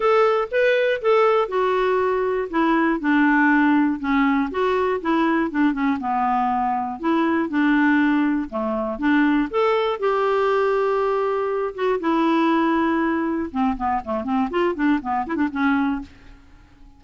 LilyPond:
\new Staff \with { instrumentName = "clarinet" } { \time 4/4 \tempo 4 = 120 a'4 b'4 a'4 fis'4~ | fis'4 e'4 d'2 | cis'4 fis'4 e'4 d'8 cis'8 | b2 e'4 d'4~ |
d'4 a4 d'4 a'4 | g'2.~ g'8 fis'8 | e'2. c'8 b8 | a8 c'8 f'8 d'8 b8 e'16 d'16 cis'4 | }